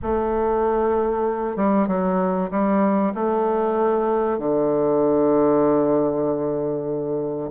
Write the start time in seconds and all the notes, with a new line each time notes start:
0.02 A3
1.56 G3
1.88 F#3
2.50 G3
3.14 A3
4.38 D3